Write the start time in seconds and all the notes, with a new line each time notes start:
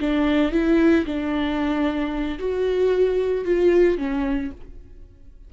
0.00 D4
0.52 E4
1.05 D4
2.39 F#4
3.45 F4
3.98 C#4